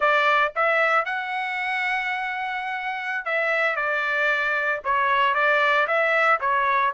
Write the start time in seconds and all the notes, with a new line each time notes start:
0.00 D5
0.55 E5
1.05 F#5
3.25 E5
3.76 D5
4.84 C#5
5.34 D5
5.87 E5
6.40 C#5